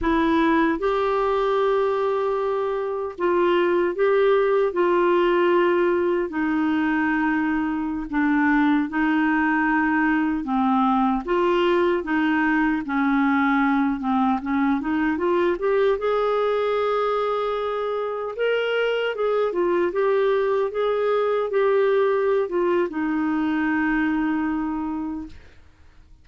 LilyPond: \new Staff \with { instrumentName = "clarinet" } { \time 4/4 \tempo 4 = 76 e'4 g'2. | f'4 g'4 f'2 | dis'2~ dis'16 d'4 dis'8.~ | dis'4~ dis'16 c'4 f'4 dis'8.~ |
dis'16 cis'4. c'8 cis'8 dis'8 f'8 g'16~ | g'16 gis'2. ais'8.~ | ais'16 gis'8 f'8 g'4 gis'4 g'8.~ | g'8 f'8 dis'2. | }